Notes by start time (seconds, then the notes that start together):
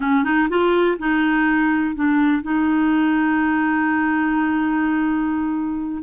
0.00 C#4
0.24 D#4
0.49 F4
0.99 D#4
1.95 D4
2.42 D#4